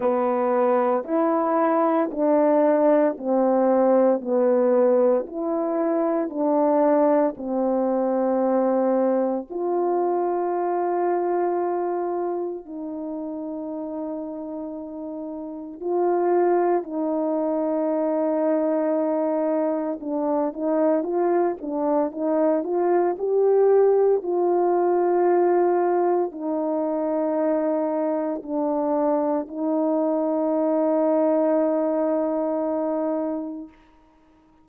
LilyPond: \new Staff \with { instrumentName = "horn" } { \time 4/4 \tempo 4 = 57 b4 e'4 d'4 c'4 | b4 e'4 d'4 c'4~ | c'4 f'2. | dis'2. f'4 |
dis'2. d'8 dis'8 | f'8 d'8 dis'8 f'8 g'4 f'4~ | f'4 dis'2 d'4 | dis'1 | }